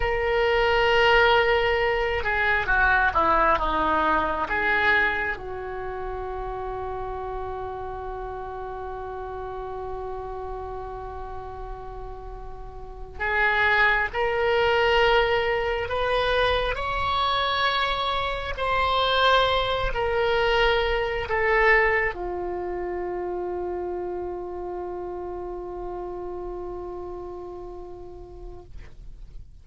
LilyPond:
\new Staff \with { instrumentName = "oboe" } { \time 4/4 \tempo 4 = 67 ais'2~ ais'8 gis'8 fis'8 e'8 | dis'4 gis'4 fis'2~ | fis'1~ | fis'2~ fis'8. gis'4 ais'16~ |
ais'4.~ ais'16 b'4 cis''4~ cis''16~ | cis''8. c''4. ais'4. a'16~ | a'8. f'2.~ f'16~ | f'1 | }